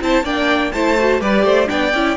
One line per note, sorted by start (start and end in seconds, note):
0.00 0.23 C4
0.00 0.24 E4
0.00 0.24 C5
0.00 0.25 A5
0.23 0.71 A#3
0.23 0.72 D4
0.23 0.71 D5
0.23 0.72 G5
0.72 1.20 A3
0.72 0.98 E4
0.72 1.20 C5
0.72 1.20 A5
0.98 1.20 F#4
1.20 1.43 G3
1.20 1.66 G4
1.20 1.44 B4
1.20 1.69 D5
1.43 1.67 A3
1.43 1.68 C5
1.66 1.93 B3
1.66 1.90 D4
1.66 2.17 D5
1.66 2.17 G5
1.93 2.17 C#4
1.93 2.17 E4